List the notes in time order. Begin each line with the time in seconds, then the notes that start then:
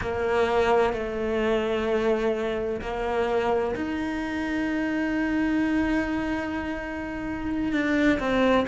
0.01 A#3
0.93 A3
2.81 A#3
3.75 D#4
7.72 D4
8.19 C4